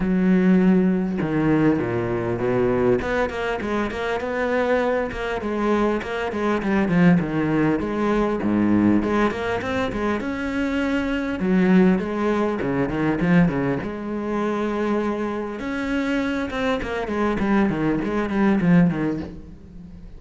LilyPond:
\new Staff \with { instrumentName = "cello" } { \time 4/4 \tempo 4 = 100 fis2 dis4 ais,4 | b,4 b8 ais8 gis8 ais8 b4~ | b8 ais8 gis4 ais8 gis8 g8 f8 | dis4 gis4 gis,4 gis8 ais8 |
c'8 gis8 cis'2 fis4 | gis4 cis8 dis8 f8 cis8 gis4~ | gis2 cis'4. c'8 | ais8 gis8 g8 dis8 gis8 g8 f8 dis8 | }